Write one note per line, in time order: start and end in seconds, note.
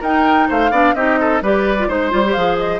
0.00 0.48 D#4
0.00 0.72 D#4
0.00 0.47 A#4
0.00 0.50 G5
0.48 0.70 A3
0.48 0.71 C5
0.48 0.94 F5
0.70 0.94 B3
0.70 0.95 D4
0.70 0.94 D5
0.94 1.41 C4
0.94 1.42 D#4
0.94 1.19 G4
0.94 1.41 D#5
1.20 1.42 A4
1.41 1.88 G3
1.41 1.78 G4
1.41 1.88 B4
1.41 1.90 D5
1.78 1.89 F4
1.88 2.12 G#3
1.88 2.10 D#4
1.88 2.80 C5
1.88 2.33 C5
2.10 2.36 G3
2.10 2.22 F4
2.25 2.36 G4
2.33 2.80 F3
2.33 2.80 G#4
2.33 2.56 F5
2.58 2.80 D#5